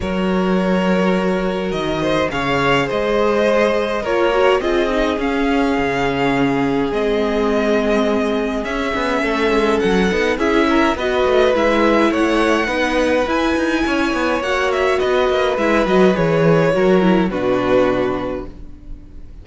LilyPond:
<<
  \new Staff \with { instrumentName = "violin" } { \time 4/4 \tempo 4 = 104 cis''2. dis''4 | f''4 dis''2 cis''4 | dis''4 f''2. | dis''2. e''4~ |
e''4 fis''4 e''4 dis''4 | e''4 fis''2 gis''4~ | gis''4 fis''8 e''8 dis''4 e''8 dis''8 | cis''2 b'2 | }
  \new Staff \with { instrumentName = "violin" } { \time 4/4 ais'2.~ ais'8 c''8 | cis''4 c''2 ais'4 | gis'1~ | gis'1 |
a'2 gis'8 ais'8 b'4~ | b'4 cis''4 b'2 | cis''2 b'2~ | b'4 ais'4 fis'2 | }
  \new Staff \with { instrumentName = "viola" } { \time 4/4 fis'1 | gis'2. f'8 fis'8 | f'8 dis'8 cis'2. | c'2. cis'4~ |
cis'4. dis'8 e'4 fis'4 | e'2 dis'4 e'4~ | e'4 fis'2 e'8 fis'8 | gis'4 fis'8 e'8 d'2 | }
  \new Staff \with { instrumentName = "cello" } { \time 4/4 fis2. dis4 | cis4 gis2 ais4 | c'4 cis'4 cis2 | gis2. cis'8 b8 |
a8 gis8 fis8 b8 cis'4 b8 a8 | gis4 a4 b4 e'8 dis'8 | cis'8 b8 ais4 b8 ais8 gis8 fis8 | e4 fis4 b,2 | }
>>